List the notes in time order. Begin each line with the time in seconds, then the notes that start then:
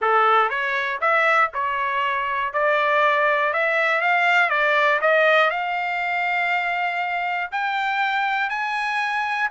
0.01 A4
0.49 C#5
1.00 E5
1.53 C#5
2.53 D5
3.53 E5
4.01 F5
4.49 D5
5.01 D#5
5.50 F5
7.51 G5
8.49 G#5